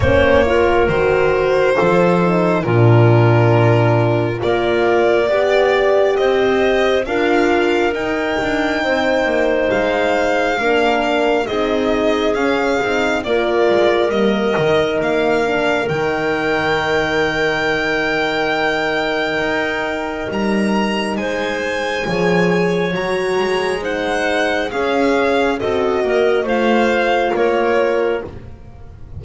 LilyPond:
<<
  \new Staff \with { instrumentName = "violin" } { \time 4/4 \tempo 4 = 68 cis''4 c''2 ais'4~ | ais'4 d''2 dis''4 | f''4 g''2 f''4~ | f''4 dis''4 f''4 d''4 |
dis''4 f''4 g''2~ | g''2. ais''4 | gis''2 ais''4 fis''4 | f''4 dis''4 f''4 cis''4 | }
  \new Staff \with { instrumentName = "clarinet" } { \time 4/4 c''8 ais'4. a'4 f'4~ | f'4 ais'4 d''4 c''4 | ais'2 c''2 | ais'4 gis'2 ais'4~ |
ais'1~ | ais'1 | c''4 cis''2 c''4 | gis'4 a'8 ais'8 c''4 ais'4 | }
  \new Staff \with { instrumentName = "horn" } { \time 4/4 cis'8 f'8 fis'4 f'8 dis'8 d'4~ | d'4 f'4 g'2 | f'4 dis'2. | d'4 dis'4 cis'8 dis'8 f'4 |
ais8 dis'4 d'8 dis'2~ | dis'1~ | dis'4 gis'4 fis'4 dis'4 | cis'4 fis'4 f'2 | }
  \new Staff \with { instrumentName = "double bass" } { \time 4/4 ais4 dis4 f4 ais,4~ | ais,4 ais4 b4 c'4 | d'4 dis'8 d'8 c'8 ais8 gis4 | ais4 c'4 cis'8 c'8 ais8 gis8 |
g8 dis8 ais4 dis2~ | dis2 dis'4 g4 | gis4 f4 fis8 gis4. | cis'4 c'8 ais8 a4 ais4 | }
>>